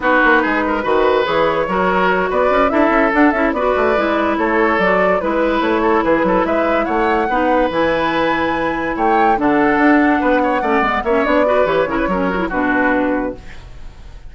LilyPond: <<
  \new Staff \with { instrumentName = "flute" } { \time 4/4 \tempo 4 = 144 b'2. cis''4~ | cis''4. d''4 e''4 fis''8 | e''8 d''2 cis''4 d''8~ | d''8 b'4 cis''4 b'4 e''8~ |
e''8 fis''2 gis''4.~ | gis''4. g''4 fis''4.~ | fis''2~ fis''8 e''8 d''4 | cis''2 b'2 | }
  \new Staff \with { instrumentName = "oboe" } { \time 4/4 fis'4 gis'8 ais'8 b'2 | ais'4. b'4 a'4.~ | a'8 b'2 a'4.~ | a'8 b'4. a'8 gis'8 a'8 b'8~ |
b'8 cis''4 b'2~ b'8~ | b'4. cis''4 a'4.~ | a'8 b'8 cis''8 d''4 cis''4 b'8~ | b'8 ais'16 b'16 ais'4 fis'2 | }
  \new Staff \with { instrumentName = "clarinet" } { \time 4/4 dis'2 fis'4 gis'4 | fis'2~ fis'8 e'4 d'8 | e'8 fis'4 e'2 fis'8~ | fis'8 e'2.~ e'8~ |
e'4. dis'4 e'4.~ | e'2~ e'8 d'4.~ | d'4. cis'8 b8 cis'8 d'8 fis'8 | g'8 e'8 cis'8 fis'16 e'16 d'2 | }
  \new Staff \with { instrumentName = "bassoon" } { \time 4/4 b8 ais8 gis4 dis4 e4 | fis4. b8 cis'8 d'8 cis'8 d'8 | cis'8 b8 a8 gis4 a4 fis8~ | fis8 gis4 a4 e8 fis8 gis8~ |
gis8 a4 b4 e4.~ | e4. a4 d4 d'8~ | d'8 b4 a8 gis8 ais8 b4 | e8 cis8 fis4 b,2 | }
>>